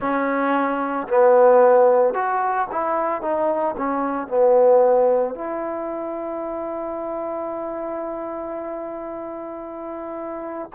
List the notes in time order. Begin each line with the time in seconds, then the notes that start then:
0.00 C#4
1.08 B3
2.14 F#4
2.71 E4
3.21 D#4
3.77 C#4
4.27 B3
5.34 E4